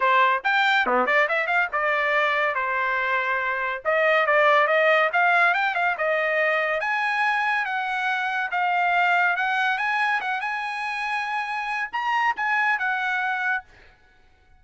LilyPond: \new Staff \with { instrumentName = "trumpet" } { \time 4/4 \tempo 4 = 141 c''4 g''4 b8 d''8 e''8 f''8 | d''2 c''2~ | c''4 dis''4 d''4 dis''4 | f''4 g''8 f''8 dis''2 |
gis''2 fis''2 | f''2 fis''4 gis''4 | fis''8 gis''2.~ gis''8 | ais''4 gis''4 fis''2 | }